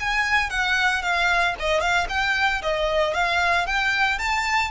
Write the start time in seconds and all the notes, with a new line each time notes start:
0.00 G#5
0.50 F#5
1.02 F5
1.59 D#5
1.81 F5
2.09 G5
2.62 D#5
3.14 F5
3.67 G5
4.19 A5